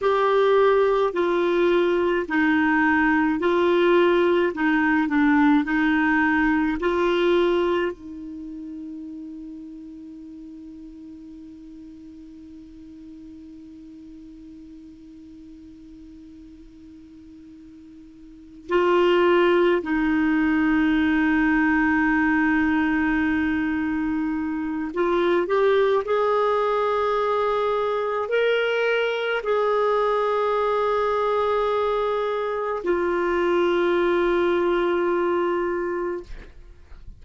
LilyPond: \new Staff \with { instrumentName = "clarinet" } { \time 4/4 \tempo 4 = 53 g'4 f'4 dis'4 f'4 | dis'8 d'8 dis'4 f'4 dis'4~ | dis'1~ | dis'1~ |
dis'8 f'4 dis'2~ dis'8~ | dis'2 f'8 g'8 gis'4~ | gis'4 ais'4 gis'2~ | gis'4 f'2. | }